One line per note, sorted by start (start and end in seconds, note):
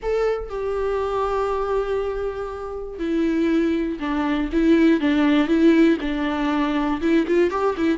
0.02 0.49 A4
0.49 2.98 G4
2.98 3.98 E4
3.99 4.49 D4
4.52 5.00 E4
5.00 5.47 D4
5.47 5.97 E4
6.00 7.00 D4
7.01 7.26 E4
7.27 7.50 F4
7.50 7.75 G4
7.77 7.97 E4